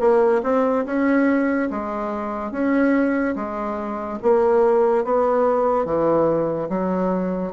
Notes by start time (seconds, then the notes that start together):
0.00 A#3
0.43 C4
0.86 C#4
1.70 G#3
2.52 C#4
3.36 G#3
4.22 A#3
5.04 B3
5.85 E3
6.69 F#3